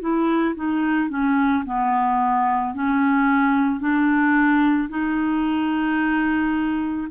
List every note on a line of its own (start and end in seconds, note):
0.00 0.55 E4
0.55 1.09 D#4
1.09 1.64 C#4
1.65 2.74 B3
2.74 3.79 C#4
3.79 4.88 D4
4.89 7.07 D#4